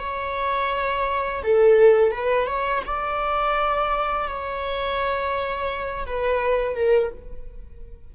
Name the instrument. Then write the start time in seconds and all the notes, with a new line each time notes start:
viola
0.00 C#5
1.44 A4
2.12 B4
2.47 C#5
2.86 D5
4.28 C#5
6.07 B4
6.76 A#4